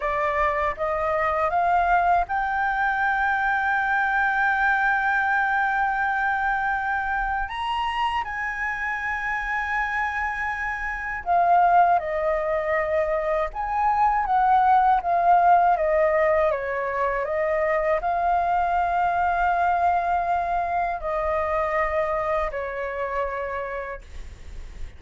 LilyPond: \new Staff \with { instrumentName = "flute" } { \time 4/4 \tempo 4 = 80 d''4 dis''4 f''4 g''4~ | g''1~ | g''2 ais''4 gis''4~ | gis''2. f''4 |
dis''2 gis''4 fis''4 | f''4 dis''4 cis''4 dis''4 | f''1 | dis''2 cis''2 | }